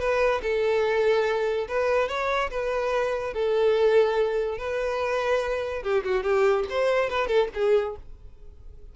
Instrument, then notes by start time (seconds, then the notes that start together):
violin
0.00 B4
0.43 A4
1.68 B4
2.09 C#5
2.51 B4
3.34 A4
4.58 B4
5.83 G4
6.04 F#4
6.24 G4
6.70 C5
7.10 B4
7.28 A4
7.55 G#4